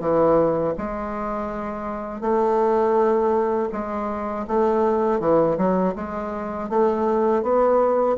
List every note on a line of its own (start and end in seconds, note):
0.00 0.74 E3
0.78 2.21 G#3
2.21 3.69 A3
3.72 4.46 G#3
4.47 5.20 A3
5.20 5.57 E3
5.57 5.94 F#3
5.95 6.69 G#3
6.69 7.42 A3
7.42 8.16 B3